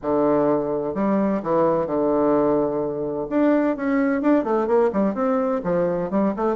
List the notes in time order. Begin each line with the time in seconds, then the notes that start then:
0.01 D3
0.94 G3
1.42 E3
1.86 D3
3.29 D4
3.76 C#4
4.21 D4
4.44 A3
4.67 A#3
4.92 G3
5.14 C4
5.63 F3
6.10 G3
6.36 A3